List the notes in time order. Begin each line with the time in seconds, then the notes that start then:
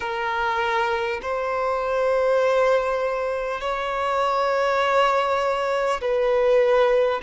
0.00 A#4
1.22 C5
3.60 C#5
6.01 B4